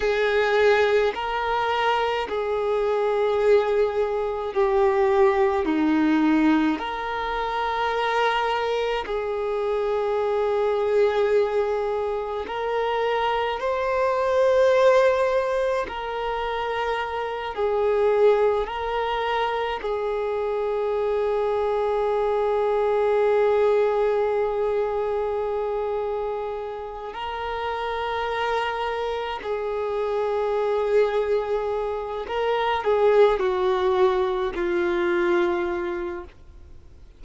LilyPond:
\new Staff \with { instrumentName = "violin" } { \time 4/4 \tempo 4 = 53 gis'4 ais'4 gis'2 | g'4 dis'4 ais'2 | gis'2. ais'4 | c''2 ais'4. gis'8~ |
gis'8 ais'4 gis'2~ gis'8~ | gis'1 | ais'2 gis'2~ | gis'8 ais'8 gis'8 fis'4 f'4. | }